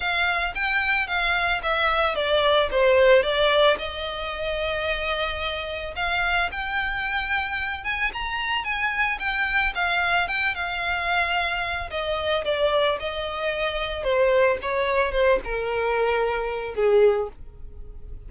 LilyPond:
\new Staff \with { instrumentName = "violin" } { \time 4/4 \tempo 4 = 111 f''4 g''4 f''4 e''4 | d''4 c''4 d''4 dis''4~ | dis''2. f''4 | g''2~ g''8 gis''8 ais''4 |
gis''4 g''4 f''4 g''8 f''8~ | f''2 dis''4 d''4 | dis''2 c''4 cis''4 | c''8 ais'2~ ais'8 gis'4 | }